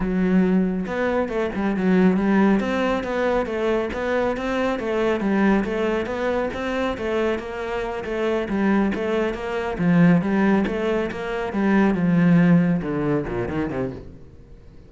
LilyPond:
\new Staff \with { instrumentName = "cello" } { \time 4/4 \tempo 4 = 138 fis2 b4 a8 g8 | fis4 g4 c'4 b4 | a4 b4 c'4 a4 | g4 a4 b4 c'4 |
a4 ais4. a4 g8~ | g8 a4 ais4 f4 g8~ | g8 a4 ais4 g4 f8~ | f4. d4 ais,8 dis8 c8 | }